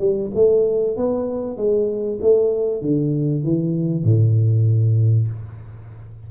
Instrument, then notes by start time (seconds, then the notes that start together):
tuba
0.00 G3
0.35 A3
0.97 B3
1.57 G#3
2.22 A3
2.82 D3
3.44 E3
4.04 A2